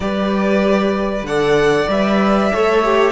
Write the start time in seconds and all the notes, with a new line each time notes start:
0.00 G3 G4 B4 D5
1.22 D3 A4 D5 F#5
1.88 G3 B4 E5
2.52 A3 A4 C#5
2.84 G4